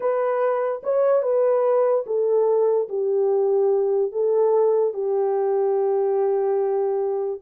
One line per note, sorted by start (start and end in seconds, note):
0.00 0.81 B4
0.83 1.22 C#5
1.22 2.04 B4
2.06 2.88 A4
2.89 4.12 G4
4.12 4.93 A4
4.93 7.40 G4